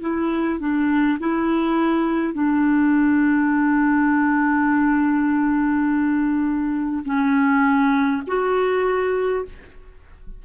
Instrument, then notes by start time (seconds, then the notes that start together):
clarinet
0.00 E4
0.59 D4
1.19 E4
2.33 D4
7.04 C#4
8.27 F#4